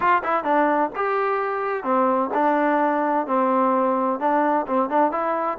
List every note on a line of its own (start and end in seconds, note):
0.00 0.22 F4
0.23 0.43 E4
0.43 0.90 D4
0.95 1.83 G4
1.83 2.30 C4
2.33 3.26 D4
3.27 4.19 C4
4.19 4.66 D4
4.67 4.89 C4
4.89 5.11 D4
5.11 5.58 E4